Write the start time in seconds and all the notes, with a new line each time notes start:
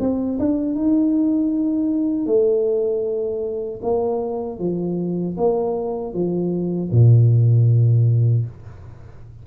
0.00 C4
0.40 D4
0.75 D#4
2.26 A3
3.82 A#3
4.59 F3
5.37 A#3
6.13 F3
6.92 A#2